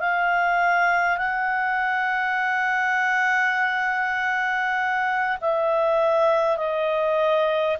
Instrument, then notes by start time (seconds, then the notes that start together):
clarinet
0.00 F5
1.17 F#5
5.41 E5
6.57 D#5